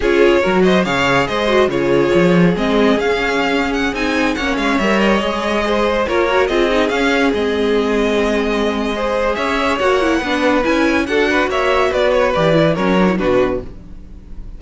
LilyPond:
<<
  \new Staff \with { instrumentName = "violin" } { \time 4/4 \tempo 4 = 141 cis''4. dis''8 f''4 dis''4 | cis''2 dis''4 f''4~ | f''8. fis''8 gis''4 fis''8 f''8 e''8 dis''16~ | dis''2~ dis''16 cis''4 dis''8.~ |
dis''16 f''4 dis''2~ dis''8.~ | dis''2 e''4 fis''4~ | fis''4 gis''4 fis''4 e''4 | d''8 cis''8 d''4 cis''4 b'4 | }
  \new Staff \with { instrumentName = "violin" } { \time 4/4 gis'4 ais'8 c''8 cis''4 c''4 | gis'1~ | gis'2~ gis'16 cis''4.~ cis''16~ | cis''4~ cis''16 c''4 ais'4 gis'8.~ |
gis'1~ | gis'4 c''4 cis''2 | b'2 a'8 b'8 cis''4 | b'2 ais'4 fis'4 | }
  \new Staff \with { instrumentName = "viola" } { \time 4/4 f'4 fis'4 gis'4. fis'8 | f'2 c'4 cis'4~ | cis'4~ cis'16 dis'4 cis'4 ais'8.~ | ais'16 gis'2 f'8 fis'8 f'8 dis'16~ |
dis'16 cis'4 c'2~ c'8.~ | c'4 gis'2 fis'8 e'8 | d'4 e'4 fis'2~ | fis'4 g'8 e'8 cis'8 d'16 e'16 d'4 | }
  \new Staff \with { instrumentName = "cello" } { \time 4/4 cis'4 fis4 cis4 gis4 | cis4 f4 gis4 cis'4~ | cis'4~ cis'16 c'4 ais8 gis8 g8.~ | g16 gis2 ais4 c'8.~ |
c'16 cis'4 gis2~ gis8.~ | gis2 cis'4 ais4 | b4 cis'4 d'4 ais4 | b4 e4 fis4 b,4 | }
>>